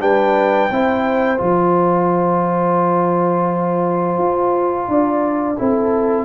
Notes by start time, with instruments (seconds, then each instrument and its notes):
0.00 tuba G3, trombone D4, horn B4, trumpet G5
0.70 tuba C4, trombone E4, horn C5
1.38 tuba F3, trombone F4, trumpet A5
4.18 tuba F4
4.88 tuba D4, horn D5
5.58 tuba C4, trombone E4, horn A4